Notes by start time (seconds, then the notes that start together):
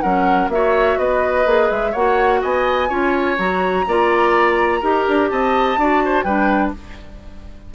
0.00 F#3 C#4 A#4 F#5
0.48 A#3 F#4 E5
0.54 C#5
0.98 B3 B4 D#5
1.45 A#3 G#4
1.70 G#3 E5
1.91 A#3 F#4 C#5 F#5
2.41 B3 D#5 G#5
2.88 C#4 F4 C#5
3.37 F#3 F#4 A#5
3.86 A#3 F4 D5
4.79 D#4 G4 A#4
5.08 D4
5.29 C4 D#5 A5
5.76 D4 F#4 D5
6.04 C5
6.22 G3 D4 B4 G5